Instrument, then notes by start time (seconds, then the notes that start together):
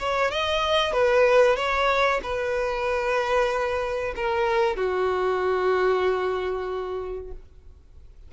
violin
0.00 C#5
0.31 D#5
0.93 B4
1.57 C#5
2.23 B4
4.16 A#4
4.77 F#4